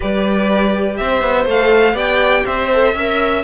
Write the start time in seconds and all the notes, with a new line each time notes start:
0.00 G3 G4 B4 D5
0.96 C4 C5 E5
1.21 B3
1.45 A3 A4 F5
1.93 B3 G4 D5 G5
2.45 C4 C5 E5
2.73 A4
2.94 C#4 A#4 E5